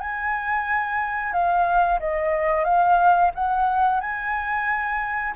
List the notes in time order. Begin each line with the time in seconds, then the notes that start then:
0.00 G#5
1.33 F5
2.00 D#5
2.65 F5
3.35 F#5
4.01 G#5